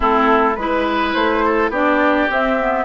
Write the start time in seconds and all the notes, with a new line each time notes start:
0.00 A3 C4 E4 A4
0.55 G#3 E4 B4
0.61 B4
1.12 A3 C5
1.45 A4
1.69 B3 D4 G4 D5
2.29 C4 E5
2.59 B3